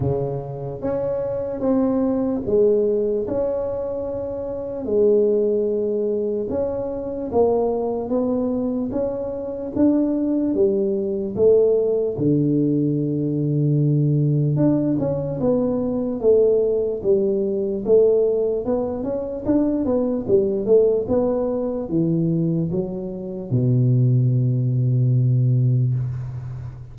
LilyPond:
\new Staff \with { instrumentName = "tuba" } { \time 4/4 \tempo 4 = 74 cis4 cis'4 c'4 gis4 | cis'2 gis2 | cis'4 ais4 b4 cis'4 | d'4 g4 a4 d4~ |
d2 d'8 cis'8 b4 | a4 g4 a4 b8 cis'8 | d'8 b8 g8 a8 b4 e4 | fis4 b,2. | }